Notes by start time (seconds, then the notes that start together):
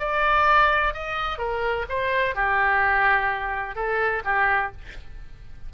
0.00 D5
0.94 D#5
1.39 A#4
1.89 C5
2.35 G4
3.76 A4
4.25 G4